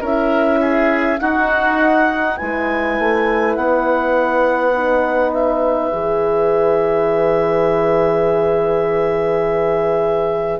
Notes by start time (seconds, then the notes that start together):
0.00 C#4 E4 A#4 E5
0.61 G#4
1.18 D#4 F#4 F#5
2.36 G#3 E4 B4 G#5
2.99 A3
3.55 B3 F#5
4.74 D#4
5.32 E5
5.91 E3 G#4